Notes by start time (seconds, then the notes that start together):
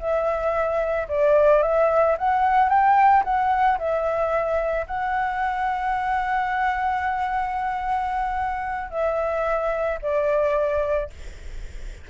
0.00 E5
1.09 D5
1.63 E5
2.18 F#5
2.70 G5
3.24 F#5
3.79 E5
4.87 F#5
8.91 E5
10.02 D5